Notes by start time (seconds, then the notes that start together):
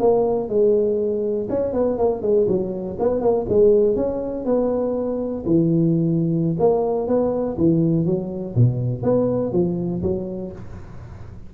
0.00 A#3
0.49 G#3
1.50 C#4
1.73 B3
1.98 A#3
2.22 G#3
2.48 F#3
3.00 B3
3.21 A#3
3.49 G#3
3.96 C#4
4.45 B3
5.45 E3
6.59 A#3
7.08 B3
7.58 E3
8.06 F#3
8.56 B2
9.03 B3
9.53 F3
10.03 F#3